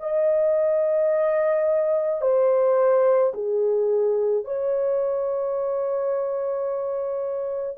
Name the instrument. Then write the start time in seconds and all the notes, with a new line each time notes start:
horn
0.00 D#5
2.22 C5
3.34 G#4
4.45 C#5